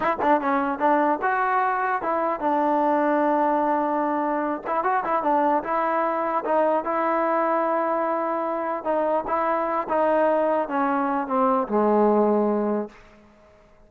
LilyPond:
\new Staff \with { instrumentName = "trombone" } { \time 4/4 \tempo 4 = 149 e'8 d'8 cis'4 d'4 fis'4~ | fis'4 e'4 d'2~ | d'2.~ d'8 e'8 | fis'8 e'8 d'4 e'2 |
dis'4 e'2.~ | e'2 dis'4 e'4~ | e'8 dis'2 cis'4. | c'4 gis2. | }